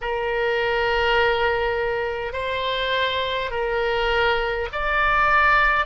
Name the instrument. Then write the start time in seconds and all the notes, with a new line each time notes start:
oboe
0.01 A#4
2.33 C5
3.50 A#4
4.72 D5